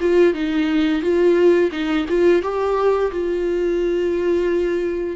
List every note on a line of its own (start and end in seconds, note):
0.00 0.34 F4
0.34 1.01 D#4
1.01 1.70 F4
1.71 2.06 D#4
2.08 2.42 F4
2.42 3.11 G4
3.11 5.16 F4